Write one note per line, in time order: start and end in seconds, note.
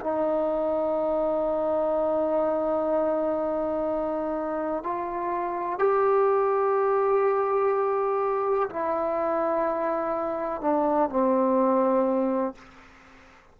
0.00 4.83 D#4
4.83 5.78 F4
5.78 8.69 G4
8.69 10.61 E4
10.61 11.09 D4
11.09 12.54 C4